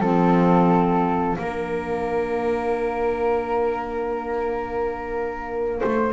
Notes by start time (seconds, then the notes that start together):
0.00 F3 C4 A4 F5
1.38 A#3 D4 A#4
5.79 A3 C5